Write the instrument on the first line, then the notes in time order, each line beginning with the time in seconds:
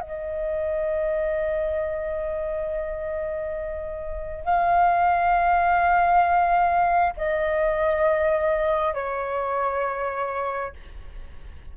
flute
0.00 D#5
4.45 F5
7.17 D#5
8.94 C#5